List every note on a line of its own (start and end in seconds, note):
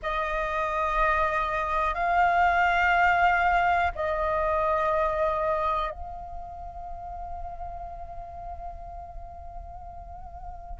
0.02 1.94 D#5
1.94 3.91 F5
3.95 5.91 D#5
5.91 10.79 F5